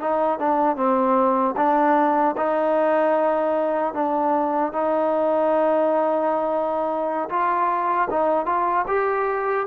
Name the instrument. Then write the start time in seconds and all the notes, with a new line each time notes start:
trombone
0.00 D#4
0.39 D4
0.76 C4
1.56 D4
2.37 D#4
3.94 D4
4.72 D#4
7.29 F4
8.10 D#4
8.46 F4
8.87 G4